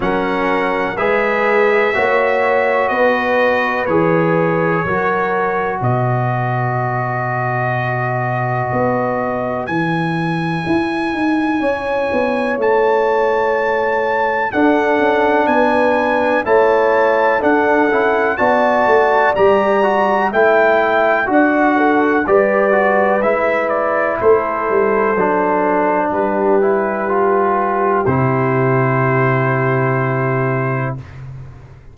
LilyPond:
<<
  \new Staff \with { instrumentName = "trumpet" } { \time 4/4 \tempo 4 = 62 fis''4 e''2 dis''4 | cis''2 dis''2~ | dis''2 gis''2~ | gis''4 a''2 fis''4 |
gis''4 a''4 fis''4 a''4 | ais''4 g''4 fis''4 d''4 | e''8 d''8 c''2 b'4~ | b'4 c''2. | }
  \new Staff \with { instrumentName = "horn" } { \time 4/4 ais'4 b'4 cis''4 b'4~ | b'4 ais'4 b'2~ | b'1 | cis''2. a'4 |
b'4 cis''4 a'4 d''4~ | d''4 e''4 d''8 a'8 b'4~ | b'4 a'2 g'4~ | g'1 | }
  \new Staff \with { instrumentName = "trombone" } { \time 4/4 cis'4 gis'4 fis'2 | gis'4 fis'2.~ | fis'2 e'2~ | e'2. d'4~ |
d'4 e'4 d'8 e'8 fis'4 | g'8 fis'8 e'4 fis'4 g'8 fis'8 | e'2 d'4. e'8 | f'4 e'2. | }
  \new Staff \with { instrumentName = "tuba" } { \time 4/4 fis4 gis4 ais4 b4 | e4 fis4 b,2~ | b,4 b4 e4 e'8 dis'8 | cis'8 b8 a2 d'8 cis'8 |
b4 a4 d'8 cis'8 b8 a8 | g4 a4 d'4 g4 | gis4 a8 g8 fis4 g4~ | g4 c2. | }
>>